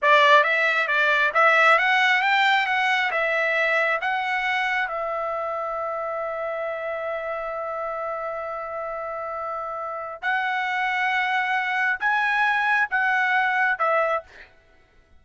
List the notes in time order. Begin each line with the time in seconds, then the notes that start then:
0.02 D5
0.43 E5
0.87 D5
1.34 E5
1.78 F#5
2.21 G5
2.66 F#5
3.11 E5
4.01 F#5
4.87 E5
10.21 F#5
11.99 G#5
12.90 F#5
13.79 E5